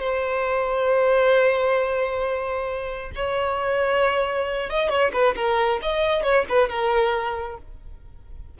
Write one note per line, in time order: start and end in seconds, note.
0.00 3.11 C5
3.16 4.70 C#5
4.70 4.89 D#5
4.89 5.12 C#5
5.13 5.35 B4
5.36 5.80 A#4
5.82 6.23 D#5
6.23 6.45 C#5
6.49 6.69 B4
6.69 7.58 A#4